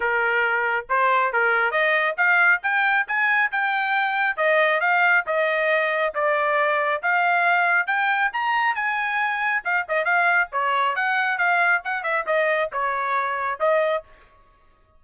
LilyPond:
\new Staff \with { instrumentName = "trumpet" } { \time 4/4 \tempo 4 = 137 ais'2 c''4 ais'4 | dis''4 f''4 g''4 gis''4 | g''2 dis''4 f''4 | dis''2 d''2 |
f''2 g''4 ais''4 | gis''2 f''8 dis''8 f''4 | cis''4 fis''4 f''4 fis''8 e''8 | dis''4 cis''2 dis''4 | }